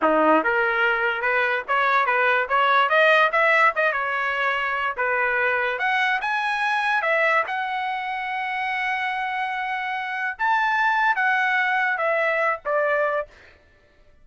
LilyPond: \new Staff \with { instrumentName = "trumpet" } { \time 4/4 \tempo 4 = 145 dis'4 ais'2 b'4 | cis''4 b'4 cis''4 dis''4 | e''4 dis''8 cis''2~ cis''8 | b'2 fis''4 gis''4~ |
gis''4 e''4 fis''2~ | fis''1~ | fis''4 a''2 fis''4~ | fis''4 e''4. d''4. | }